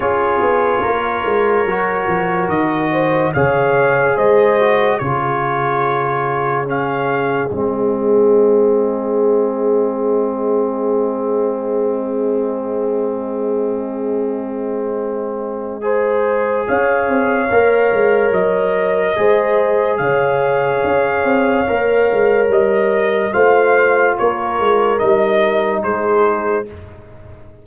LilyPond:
<<
  \new Staff \with { instrumentName = "trumpet" } { \time 4/4 \tempo 4 = 72 cis''2. dis''4 | f''4 dis''4 cis''2 | f''4 dis''2.~ | dis''1~ |
dis''1 | f''2 dis''2 | f''2. dis''4 | f''4 cis''4 dis''4 c''4 | }
  \new Staff \with { instrumentName = "horn" } { \time 4/4 gis'4 ais'2~ ais'8 c''8 | cis''4 c''4 gis'2~ | gis'1~ | gis'1~ |
gis'2. c''4 | cis''2. c''4 | cis''1 | c''4 ais'2 gis'4 | }
  \new Staff \with { instrumentName = "trombone" } { \time 4/4 f'2 fis'2 | gis'4. fis'8 f'2 | cis'4 c'2.~ | c'1~ |
c'2. gis'4~ | gis'4 ais'2 gis'4~ | gis'2 ais'2 | f'2 dis'2 | }
  \new Staff \with { instrumentName = "tuba" } { \time 4/4 cis'8 b8 ais8 gis8 fis8 f8 dis4 | cis4 gis4 cis2~ | cis4 gis2.~ | gis1~ |
gis1 | cis'8 c'8 ais8 gis8 fis4 gis4 | cis4 cis'8 c'8 ais8 gis8 g4 | a4 ais8 gis8 g4 gis4 | }
>>